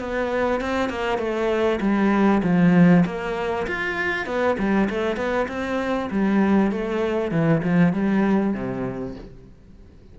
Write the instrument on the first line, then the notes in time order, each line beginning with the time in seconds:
cello
0.00 B3
0.61 C4
0.90 A#3
1.19 A3
1.81 G3
2.43 F3
3.06 A#3
3.67 F4
4.26 B3
4.59 G3
4.90 A3
5.17 B3
5.49 C4
6.11 G3
6.72 A3
7.32 E3
7.64 F3
7.93 G3
8.54 C3